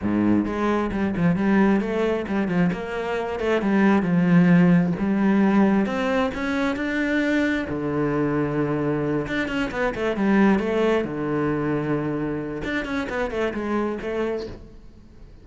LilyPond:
\new Staff \with { instrumentName = "cello" } { \time 4/4 \tempo 4 = 133 gis,4 gis4 g8 f8 g4 | a4 g8 f8 ais4. a8 | g4 f2 g4~ | g4 c'4 cis'4 d'4~ |
d'4 d2.~ | d8 d'8 cis'8 b8 a8 g4 a8~ | a8 d2.~ d8 | d'8 cis'8 b8 a8 gis4 a4 | }